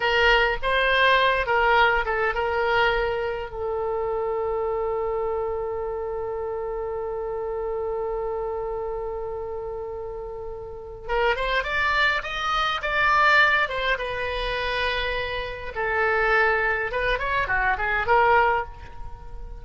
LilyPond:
\new Staff \with { instrumentName = "oboe" } { \time 4/4 \tempo 4 = 103 ais'4 c''4. ais'4 a'8 | ais'2 a'2~ | a'1~ | a'1~ |
a'2. ais'8 c''8 | d''4 dis''4 d''4. c''8 | b'2. a'4~ | a'4 b'8 cis''8 fis'8 gis'8 ais'4 | }